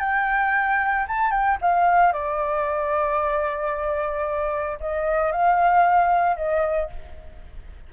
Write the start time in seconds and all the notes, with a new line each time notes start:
0.00 G5
1.08 A5
1.31 G5
1.61 F5
2.13 D5
4.80 D#5
5.32 F5
6.36 D#5